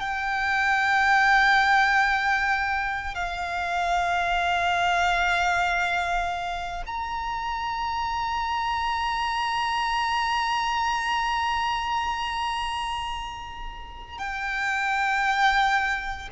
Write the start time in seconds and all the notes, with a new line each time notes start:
0.00 G5
3.15 F5
6.86 A#5
14.18 G5